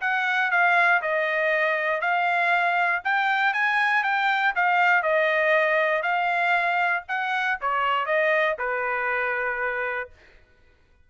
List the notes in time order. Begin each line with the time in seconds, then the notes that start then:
0.00 F#5
0.51 F5
1.01 D#5
2.01 F5
3.04 G5
3.53 G#5
4.03 G5
4.55 F5
5.02 D#5
6.02 F5
7.08 F#5
7.60 C#5
8.05 D#5
8.58 B4